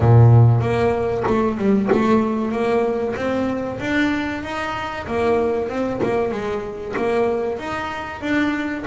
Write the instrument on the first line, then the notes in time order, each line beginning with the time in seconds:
double bass
0.00 A#2
0.61 A#3
1.27 A3
1.57 G3
1.92 A3
2.51 A#3
3.16 C4
3.80 D4
4.43 D#4
5.07 A#3
5.68 C4
6.02 A#3
6.31 G#3
6.96 A#3
7.58 D#4
8.21 D4